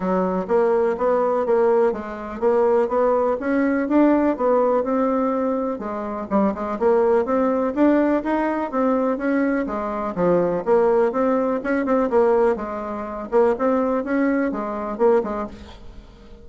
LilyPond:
\new Staff \with { instrumentName = "bassoon" } { \time 4/4 \tempo 4 = 124 fis4 ais4 b4 ais4 | gis4 ais4 b4 cis'4 | d'4 b4 c'2 | gis4 g8 gis8 ais4 c'4 |
d'4 dis'4 c'4 cis'4 | gis4 f4 ais4 c'4 | cis'8 c'8 ais4 gis4. ais8 | c'4 cis'4 gis4 ais8 gis8 | }